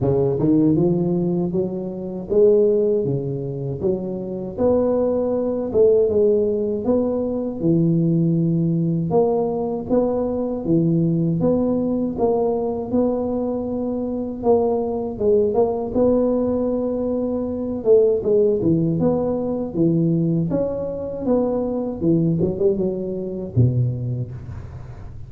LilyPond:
\new Staff \with { instrumentName = "tuba" } { \time 4/4 \tempo 4 = 79 cis8 dis8 f4 fis4 gis4 | cis4 fis4 b4. a8 | gis4 b4 e2 | ais4 b4 e4 b4 |
ais4 b2 ais4 | gis8 ais8 b2~ b8 a8 | gis8 e8 b4 e4 cis'4 | b4 e8 fis16 g16 fis4 b,4 | }